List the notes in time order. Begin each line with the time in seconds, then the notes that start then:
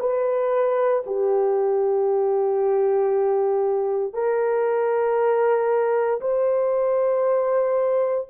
0.00 B4
1.07 G4
4.14 A#4
6.21 C5